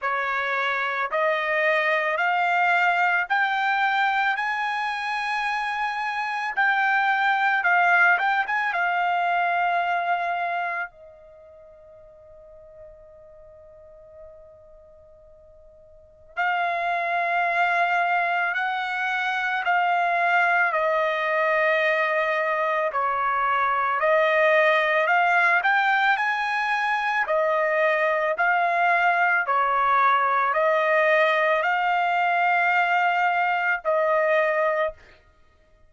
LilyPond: \new Staff \with { instrumentName = "trumpet" } { \time 4/4 \tempo 4 = 55 cis''4 dis''4 f''4 g''4 | gis''2 g''4 f''8 g''16 gis''16 | f''2 dis''2~ | dis''2. f''4~ |
f''4 fis''4 f''4 dis''4~ | dis''4 cis''4 dis''4 f''8 g''8 | gis''4 dis''4 f''4 cis''4 | dis''4 f''2 dis''4 | }